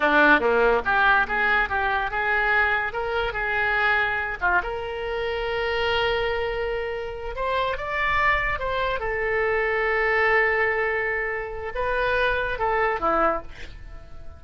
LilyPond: \new Staff \with { instrumentName = "oboe" } { \time 4/4 \tempo 4 = 143 d'4 ais4 g'4 gis'4 | g'4 gis'2 ais'4 | gis'2~ gis'8 f'8 ais'4~ | ais'1~ |
ais'4. c''4 d''4.~ | d''8 c''4 a'2~ a'8~ | a'1 | b'2 a'4 e'4 | }